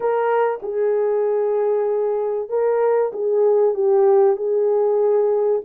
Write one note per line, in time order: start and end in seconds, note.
0.00 0.59 A#4
0.62 2.49 G#4
2.49 3.11 A#4
3.12 3.74 G#4
3.74 4.36 G4
4.36 5.61 G#4